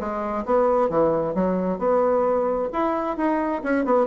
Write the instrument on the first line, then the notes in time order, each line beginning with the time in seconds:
bassoon
0.00 G#3
0.46 B3
0.90 E3
1.35 F#3
1.79 B3
2.73 E4
3.17 D#4
3.63 C#4
3.85 B3